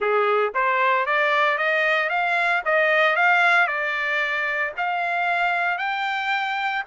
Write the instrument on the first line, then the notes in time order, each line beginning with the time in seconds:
trumpet
0.00 G#4
0.54 C5
1.06 D5
1.58 D#5
2.09 F5
2.65 D#5
3.16 F5
3.67 D5
4.77 F5
5.78 G5